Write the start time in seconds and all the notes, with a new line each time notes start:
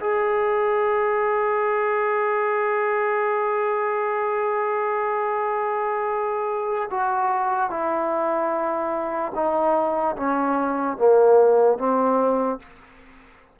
0.00 G#4
6.90 F#4
7.70 E4
9.35 D#4
10.16 C#4
10.97 A#3
11.78 C4